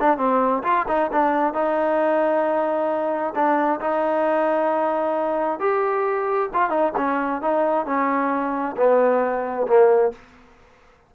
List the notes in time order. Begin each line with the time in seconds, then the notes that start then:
0.00 D4
0.17 C4
0.63 F4
0.88 D#4
1.12 D4
1.54 D#4
3.35 D4
3.80 D#4
5.60 G4
6.53 F4
6.70 D#4
6.97 C#4
7.41 D#4
7.86 C#4
8.77 B3
9.67 A#3